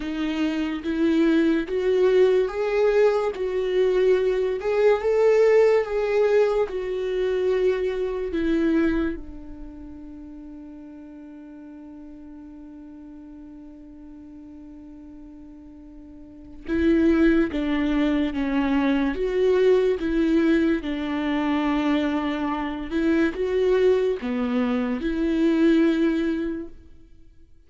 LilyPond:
\new Staff \with { instrumentName = "viola" } { \time 4/4 \tempo 4 = 72 dis'4 e'4 fis'4 gis'4 | fis'4. gis'8 a'4 gis'4 | fis'2 e'4 d'4~ | d'1~ |
d'1 | e'4 d'4 cis'4 fis'4 | e'4 d'2~ d'8 e'8 | fis'4 b4 e'2 | }